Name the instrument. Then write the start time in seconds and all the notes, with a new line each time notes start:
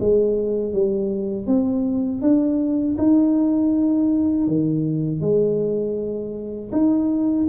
tuba
0.00 G#3
0.73 G3
1.47 C4
2.21 D4
2.98 D#4
4.47 D#3
5.21 G#3
6.72 D#4